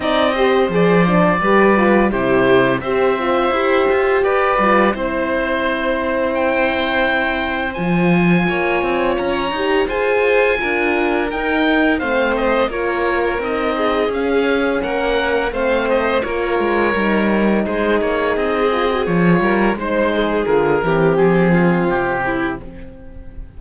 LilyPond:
<<
  \new Staff \with { instrumentName = "oboe" } { \time 4/4 \tempo 4 = 85 dis''4 d''2 c''4 | e''2 d''4 c''4~ | c''4 g''2 gis''4~ | gis''4 ais''4 gis''2 |
g''4 f''8 dis''8 cis''4 dis''4 | f''4 fis''4 f''8 dis''8 cis''4~ | cis''4 c''8 cis''8 dis''4 cis''4 | c''4 ais'4 gis'4 g'4 | }
  \new Staff \with { instrumentName = "violin" } { \time 4/4 d''8 c''4. b'4 g'4 | c''2 b'4 c''4~ | c''1 | cis''2 c''4 ais'4~ |
ais'4 c''4 ais'4. gis'8~ | gis'4 ais'4 c''4 ais'4~ | ais'4 gis'2~ gis'8 ais'8 | c''8 gis'4 g'4 f'4 e'8 | }
  \new Staff \with { instrumentName = "horn" } { \time 4/4 dis'8 g'8 gis'8 d'8 g'8 f'8 e'4 | g'8 f'8 g'4. f'8 e'4~ | e'2. f'4~ | f'4. g'8 gis'4 f'4 |
dis'4 c'4 f'4 dis'4 | cis'2 c'4 f'4 | dis'2~ dis'8 f'16 fis'16 f'4 | dis'4 f'8 c'2~ c'8 | }
  \new Staff \with { instrumentName = "cello" } { \time 4/4 c'4 f4 g4 c4 | c'4 e'8 f'8 g'8 g8 c'4~ | c'2. f4 | ais8 c'8 cis'8 dis'8 f'4 d'4 |
dis'4 a4 ais4 c'4 | cis'4 ais4 a4 ais8 gis8 | g4 gis8 ais8 c'4 f8 g8 | gis4 d8 e8 f4 c4 | }
>>